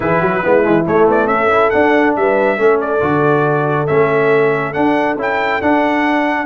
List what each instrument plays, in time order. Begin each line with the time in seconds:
0.00 tuba E3, trombone E4, horn G#4, trumpet B4
0.20 tuba F#3, horn F#4
0.43 tuba G#3, trombone B3, horn E4
0.62 tuba E3, trombone G#3
0.86 trombone A3, tuba A3, trumpet C#5
1.07 tuba B3, trumpet D5
1.26 tuba C#4, horn A4, trumpet E5
1.50 trombone E4
1.70 trombone D4, tuba D4, trumpet F#5
2.16 tuba G3, horn B4, trumpet E5
2.57 tuba A3, trombone C#4, horn A4
2.80 trumpet D5
3.00 tuba D3, trombone F#4
3.87 tuba A3, trombone C#4, trumpet E5
4.73 trombone D4, tuba D4, trumpet F#5
5.16 tuba C#4, trombone E4, trumpet G5
5.61 tuba D4, trombone D4, trumpet F#5